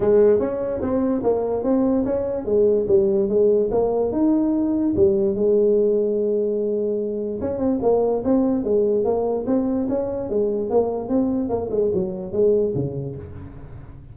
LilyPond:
\new Staff \with { instrumentName = "tuba" } { \time 4/4 \tempo 4 = 146 gis4 cis'4 c'4 ais4 | c'4 cis'4 gis4 g4 | gis4 ais4 dis'2 | g4 gis2.~ |
gis2 cis'8 c'8 ais4 | c'4 gis4 ais4 c'4 | cis'4 gis4 ais4 c'4 | ais8 gis8 fis4 gis4 cis4 | }